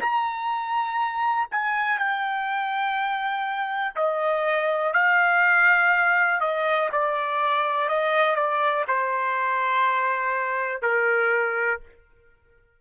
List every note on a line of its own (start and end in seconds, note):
0.00 1.48 A#5
1.51 1.98 G#5
1.98 3.95 G5
3.95 4.93 D#5
4.93 6.40 F5
6.40 6.89 D#5
6.92 7.88 D5
7.88 8.35 D#5
8.35 8.84 D5
8.87 10.82 C5
10.82 11.80 A#4